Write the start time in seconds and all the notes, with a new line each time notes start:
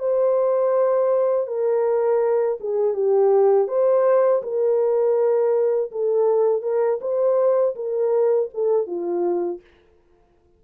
0.00 C5
1.47 A#4
2.61 G#4
2.94 G4
3.68 C5
4.43 A#4
5.92 A4
6.63 A#4
7.02 C5
7.76 A#4
8.55 A4
8.87 F4